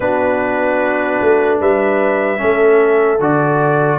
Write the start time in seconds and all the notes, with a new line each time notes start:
0.00 B3 D4 F#4 B4
1.20 A3
1.59 G3 B4 E5
2.37 A3 C#4 A4
3.20 D3 F#4 D5